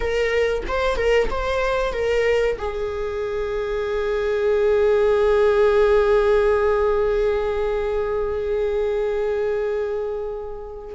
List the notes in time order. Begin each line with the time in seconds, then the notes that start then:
0.00 A#4
0.67 C5
0.96 A#4
1.30 C5
1.92 A#4
2.58 G#4